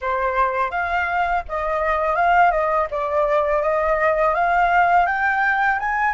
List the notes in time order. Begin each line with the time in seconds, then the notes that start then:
0.01 C5
0.70 F5
1.48 D#5
2.15 F5
2.51 D#5
2.90 D5
3.62 D#5
4.34 F5
5.06 G5
5.79 G#5